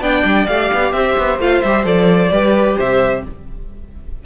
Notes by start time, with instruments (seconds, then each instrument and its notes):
0.00 cello B3, viola D4, violin D5 G5
0.24 cello G3
0.46 cello A3, viola G4, violin F5
0.73 cello B3
0.92 cello C4, violin C5 E5
1.17 cello B3
1.39 cello A3, viola F4, violin F5
1.61 cello G3, viola G4, violin E5
1.84 cello F3, viola A4, violin D5
2.31 cello G3, viola G4, violin B4
2.77 cello C3, violin C5 E5